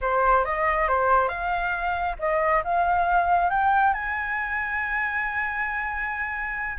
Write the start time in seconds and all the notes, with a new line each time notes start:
0.01 C5
0.44 D#5
0.87 C5
1.28 F5
2.19 D#5
2.64 F5
3.50 G5
3.93 G#5